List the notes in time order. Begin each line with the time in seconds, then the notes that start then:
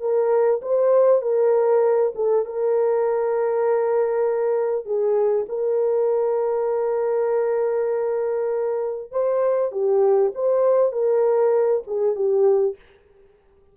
0.00 A#4
0.61 C5
1.22 A#4
2.15 A4
2.45 A#4
4.85 G#4
5.48 A#4
9.11 C5
9.72 G4
10.35 C5
10.92 A#4
11.87 G#4
12.15 G4